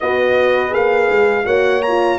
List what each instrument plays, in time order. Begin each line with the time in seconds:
0.00 tuba B3, horn F#4 B4, trumpet D#5
0.70 tuba A#3, horn G#4, trumpet F5
1.09 tuba G#3
1.45 tuba A#3, horn F#4 C#5, trumpet F#5
1.82 horn F4, trumpet A#5